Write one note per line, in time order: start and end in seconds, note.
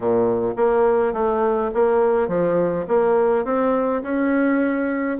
0.00 0.53 A#2
0.56 1.13 A#3
1.13 1.70 A3
1.74 2.27 A#3
2.27 2.85 F3
2.87 3.44 A#3
3.44 4.02 C4
4.02 5.18 C#4